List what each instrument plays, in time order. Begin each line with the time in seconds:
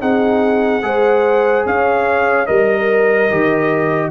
0.00 tuba C4, trombone D#4, horn G#4, trumpet F#5
0.83 tuba G#3, trombone G#4, horn C5
1.66 tuba C#4, horn C#5, trumpet F5
2.47 tuba G3, trombone A#4, horn A#4, trumpet D#5
3.30 tuba D#3, trombone G4